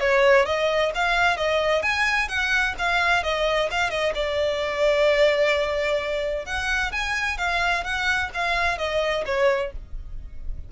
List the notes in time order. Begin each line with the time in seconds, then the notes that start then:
0.00 C#5
0.46 D#5
0.95 F5
1.37 D#5
1.83 G#5
2.29 F#5
2.79 F5
3.23 D#5
3.71 F5
3.90 D#5
4.15 D5
6.46 F#5
6.92 G#5
7.38 F5
7.84 F#5
8.34 F5
8.78 D#5
9.26 C#5